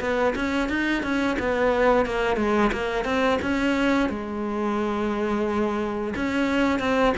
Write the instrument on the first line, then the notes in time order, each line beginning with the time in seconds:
cello
0.00 B3
0.36 C#4
0.69 D#4
1.03 C#4
1.39 B3
2.06 A#3
2.37 G#3
2.72 A#3
3.05 C4
3.42 C#4
4.10 G#3
6.16 C#4
6.80 C4